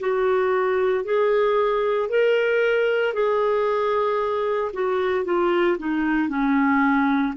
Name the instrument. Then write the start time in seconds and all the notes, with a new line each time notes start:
clarinet
0.00 F#4
1.04 G#4
2.10 A#4
3.14 G#4
4.74 F#4
5.25 F4
5.78 D#4
6.29 C#4